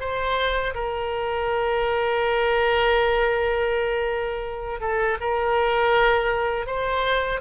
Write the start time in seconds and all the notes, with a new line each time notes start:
0.00 C5
0.75 A#4
4.81 A4
5.21 A#4
6.67 C5